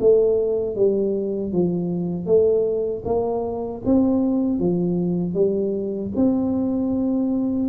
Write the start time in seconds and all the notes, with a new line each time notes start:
0.00 A3
0.76 G3
1.53 F3
2.26 A3
3.05 A#3
3.85 C4
4.59 F3
5.34 G3
6.16 C4